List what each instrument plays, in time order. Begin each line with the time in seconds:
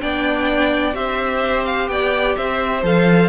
0.00 cello B3, viola D4, violin D5 G5
0.93 cello C4, viola G4, violin C5 E5
1.65 violin F5
1.88 cello B3, violin D5 G5
2.36 cello C4, violin C5 E5
2.82 cello F3, viola A4, violin F5